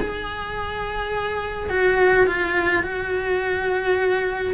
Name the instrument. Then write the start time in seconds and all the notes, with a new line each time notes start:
cello
0.00 G#4
1.70 F#4
2.27 F4
2.83 F#4